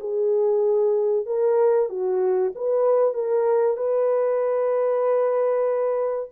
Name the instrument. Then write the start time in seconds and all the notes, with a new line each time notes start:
horn
0.00 G#4
1.26 A#4
1.89 F#4
2.55 B4
3.14 A#4
3.77 B4